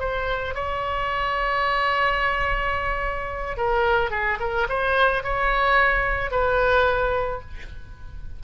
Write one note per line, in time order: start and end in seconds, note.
0.00 0.55 C5
0.55 3.58 C#5
3.58 4.11 A#4
4.11 4.39 G#4
4.40 4.68 A#4
4.70 5.24 C5
5.24 6.32 C#5
6.32 7.42 B4